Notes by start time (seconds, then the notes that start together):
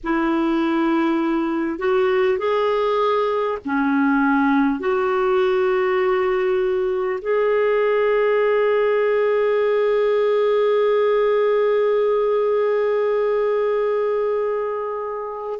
0.03 E4
1.78 F#4
2.38 G#4
3.65 C#4
4.79 F#4
7.21 G#4